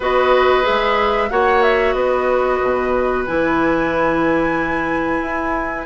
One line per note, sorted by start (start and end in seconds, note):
0.00 0.63 B3
0.00 0.62 F#4
0.00 1.29 B4
0.00 0.65 D#5
0.62 1.31 G#3
0.62 1.27 G#4
0.62 1.30 E5
1.30 1.94 A#3
1.30 3.25 F#4
1.30 1.95 C#5
1.30 1.62 F#5
1.62 1.93 E5
1.93 2.59 B3
1.93 5.85 B4
1.93 3.23 D#5
2.62 3.27 B2
3.26 5.21 E3
3.26 5.85 E4
3.26 5.85 G#5
5.21 5.85 E4